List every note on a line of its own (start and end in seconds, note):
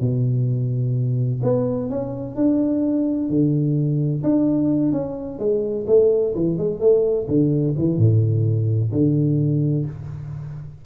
0.00 1.41 B2
1.43 1.90 B3
1.90 2.35 C#4
2.35 3.29 D4
3.29 4.23 D3
4.23 4.92 D4
4.92 5.38 C#4
5.39 5.86 G#3
5.87 6.34 A3
6.35 6.58 E3
6.58 6.80 G#3
6.80 7.27 A3
7.28 7.75 D3
7.78 7.97 E3
7.97 8.91 A2
8.91 9.85 D3